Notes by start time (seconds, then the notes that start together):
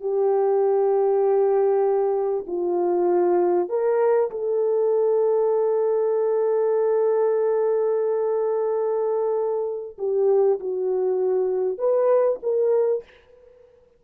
0.00 G4
2.47 F4
3.68 A#4
4.30 A4
9.98 G4
10.59 F#4
11.78 B4
12.42 A#4